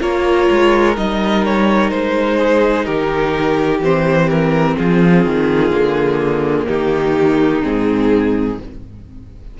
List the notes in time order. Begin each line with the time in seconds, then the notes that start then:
0.00 A#3 F4 A#4 C#5
0.51 G#3
0.96 G3 D#4 D#5
1.45 C#5
1.90 G#3 C5
2.37 G#4
2.85 D#3 G4 A#4
3.81 E3 C4 C5
4.29 A#4
4.77 F3 F4 G#4
5.25 D#3
5.71 D3 A#3
6.67 D#3 D#4 G4
7.62 G#2 C4 G#4